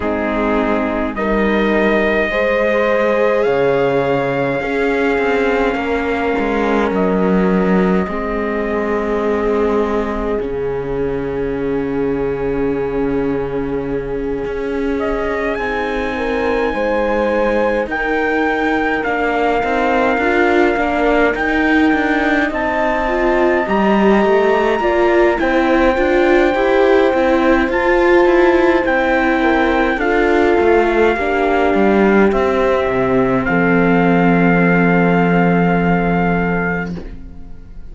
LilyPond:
<<
  \new Staff \with { instrumentName = "trumpet" } { \time 4/4 \tempo 4 = 52 gis'4 dis''2 f''4~ | f''2 dis''2~ | dis''4 f''2.~ | f''4 dis''8 gis''2 g''8~ |
g''8 f''2 g''4 a''8~ | a''8 ais''4. g''2 | a''4 g''4 f''2 | e''4 f''2. | }
  \new Staff \with { instrumentName = "horn" } { \time 4/4 dis'4 ais'4 c''4 cis''4 | gis'4 ais'2 gis'4~ | gis'1~ | gis'2 ais'8 c''4 ais'8~ |
ais'2.~ ais'8 dis''8~ | dis''4. d''8 c''2~ | c''4. ais'8 a'4 g'4~ | g'4 a'2. | }
  \new Staff \with { instrumentName = "viola" } { \time 4/4 c'4 dis'4 gis'2 | cis'2. c'4~ | c'4 cis'2.~ | cis'4. dis'2~ dis'8~ |
dis'8 d'8 dis'8 f'8 d'8 dis'4. | f'8 g'4 f'8 e'8 f'8 g'8 e'8 | f'4 e'4 f'4 d'4 | c'1 | }
  \new Staff \with { instrumentName = "cello" } { \time 4/4 gis4 g4 gis4 cis4 | cis'8 c'8 ais8 gis8 fis4 gis4~ | gis4 cis2.~ | cis8 cis'4 c'4 gis4 dis'8~ |
dis'8 ais8 c'8 d'8 ais8 dis'8 d'8 c'8~ | c'8 g8 a8 ais8 c'8 d'8 e'8 c'8 | f'8 e'8 c'4 d'8 a8 ais8 g8 | c'8 c8 f2. | }
>>